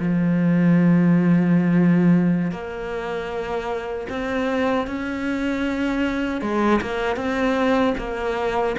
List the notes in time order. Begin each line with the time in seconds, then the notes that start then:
0.00 F3
2.52 A#3
4.10 C4
4.87 C#4
6.42 G#3
6.82 A#3
7.17 C4
7.98 A#3